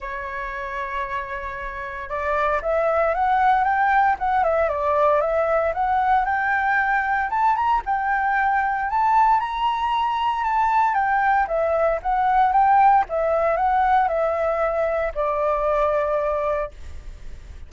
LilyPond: \new Staff \with { instrumentName = "flute" } { \time 4/4 \tempo 4 = 115 cis''1 | d''4 e''4 fis''4 g''4 | fis''8 e''8 d''4 e''4 fis''4 | g''2 a''8 ais''8 g''4~ |
g''4 a''4 ais''2 | a''4 g''4 e''4 fis''4 | g''4 e''4 fis''4 e''4~ | e''4 d''2. | }